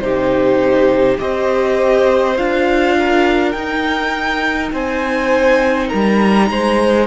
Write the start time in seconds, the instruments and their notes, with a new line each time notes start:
0.00 cello C3, viola D#4, violin G4 C5
1.18 cello C4, viola G4, violin C5 D#5
2.37 cello D4, viola F4, violin F5
2.99 violin A#4
3.52 cello D#4, viola D#4, violin G5
4.73 cello C4, violin C5 G#5
5.88 cello G3, violin A#4 A#5
6.50 cello G#3, violin C5